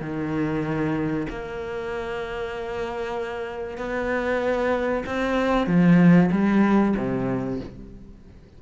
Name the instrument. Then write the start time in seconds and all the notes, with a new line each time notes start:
cello
0.00 D#3
1.29 A#3
3.77 B3
5.06 C4
5.66 F3
6.31 G3
6.96 C3